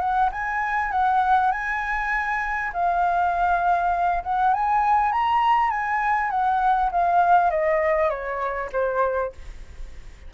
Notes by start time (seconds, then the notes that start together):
0.00 F#5
0.32 G#5
0.92 F#5
1.52 G#5
2.73 F5
4.24 F#5
4.54 G#5
5.12 A#5
5.71 G#5
6.31 F#5
6.92 F5
7.51 D#5
8.10 C#5
8.73 C5